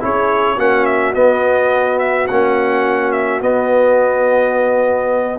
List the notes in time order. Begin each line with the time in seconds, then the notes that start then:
0.00 C#4 E4 G#4 C#5
0.56 A#3 C#4 F#4 F#5
0.85 E5
1.14 B3 D#5
1.98 E5
2.27 A#3 C#4 F#5
3.12 E5
3.41 B3 D#5